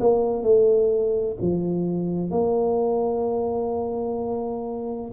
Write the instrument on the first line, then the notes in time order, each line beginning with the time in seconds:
tuba
0.00 A#3
0.43 A3
1.41 F3
2.31 A#3